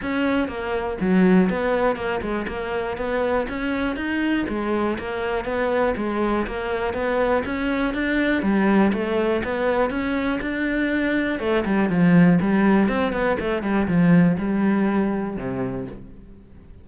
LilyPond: \new Staff \with { instrumentName = "cello" } { \time 4/4 \tempo 4 = 121 cis'4 ais4 fis4 b4 | ais8 gis8 ais4 b4 cis'4 | dis'4 gis4 ais4 b4 | gis4 ais4 b4 cis'4 |
d'4 g4 a4 b4 | cis'4 d'2 a8 g8 | f4 g4 c'8 b8 a8 g8 | f4 g2 c4 | }